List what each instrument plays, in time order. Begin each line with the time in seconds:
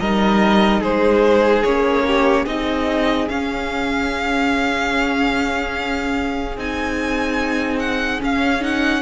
0.00 cello G3, viola D#4, violin A#4 D#5
0.81 cello G#3, violin G#4 C5
1.63 cello A#3, viola C#4, violin C#5
2.07 violin G4
2.43 cello C4, viola D#4, violin G#4 D#5
3.29 viola C#4, cello C#4, violin F5
6.57 cello C4, viola D#4, violin G#5
7.79 violin F#5
8.20 viola C#4, cello C#4, violin F5
8.61 viola D#4, violin F#5